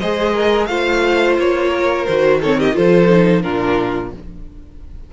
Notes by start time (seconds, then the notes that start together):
0.00 G#3 G#4 C5 D#5
0.34 A#4
0.66 A3 F4 C5 F5
1.39 A#3 C#5
1.70 A#4
2.06 D#3 F#4 C5
2.41 C4 A4 C#5
2.59 G4 D#5
2.73 F3 F4 A4 C5
3.09 D#4
3.43 A#2 D4 F4 A#4